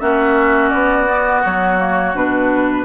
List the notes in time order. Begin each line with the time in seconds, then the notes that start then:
0.00 A#3 C#4 F#4 E5
0.70 B3 D5
1.08 B3
1.45 F#3 C#5
1.79 A#3
2.15 B2 D4 B4